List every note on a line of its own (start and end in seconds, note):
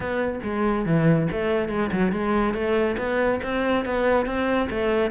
0.00 0.39 B3
0.43 0.85 G#3
0.85 1.28 E3
1.31 1.68 A3
1.68 1.90 G#3
1.91 2.12 F#3
2.12 2.54 G#3
2.54 2.96 A3
2.97 3.40 B3
3.42 3.85 C4
3.85 4.26 B3
4.26 4.68 C4
4.70 5.10 A3